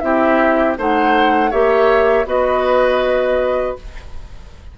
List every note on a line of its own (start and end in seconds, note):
0.00 0.78 C4
0.00 0.77 E4
0.00 0.78 G4
0.00 0.75 E5
0.78 1.53 A3
0.78 1.51 D#4
0.78 1.51 C5
0.78 1.52 F#5
1.51 2.26 A#3
1.51 2.26 G4
1.51 2.26 C#5
1.51 2.27 E5
2.26 3.76 B3
2.26 3.76 F#4
2.26 3.78 B4
2.26 3.78 D#5